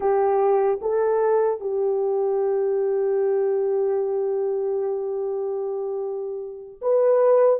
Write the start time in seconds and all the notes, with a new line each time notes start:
0.00 G4
0.81 A4
1.60 G4
6.81 B4